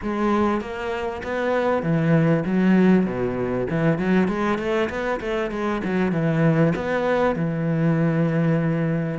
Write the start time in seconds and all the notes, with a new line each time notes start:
0.02 G#3
0.60 A#3
1.23 B3
1.82 E3
2.45 F#3
3.06 B2
3.70 E3
3.98 F#3
4.27 G#3
4.58 A3
4.89 B3
5.20 A3
5.50 G#3
5.84 F#3
6.12 E3
6.75 B3
7.35 E3